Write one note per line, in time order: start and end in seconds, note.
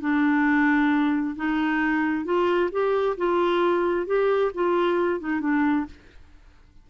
0.00 1.35 D4
1.36 2.25 D#4
2.25 2.70 F4
2.71 3.16 G4
3.17 4.06 F4
4.06 4.51 G4
4.54 5.20 F4
5.20 5.40 D#4
5.40 5.85 D4